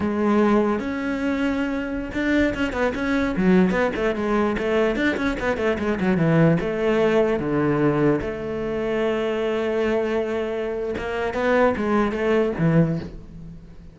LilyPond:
\new Staff \with { instrumentName = "cello" } { \time 4/4 \tempo 4 = 148 gis2 cis'2~ | cis'4~ cis'16 d'4 cis'8 b8 cis'8.~ | cis'16 fis4 b8 a8 gis4 a8.~ | a16 d'8 cis'8 b8 a8 gis8 fis8 e8.~ |
e16 a2 d4.~ d16~ | d16 a2.~ a8.~ | a2. ais4 | b4 gis4 a4 e4 | }